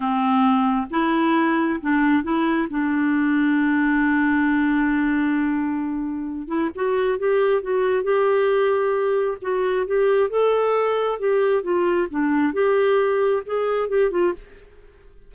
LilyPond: \new Staff \with { instrumentName = "clarinet" } { \time 4/4 \tempo 4 = 134 c'2 e'2 | d'4 e'4 d'2~ | d'1~ | d'2~ d'8 e'8 fis'4 |
g'4 fis'4 g'2~ | g'4 fis'4 g'4 a'4~ | a'4 g'4 f'4 d'4 | g'2 gis'4 g'8 f'8 | }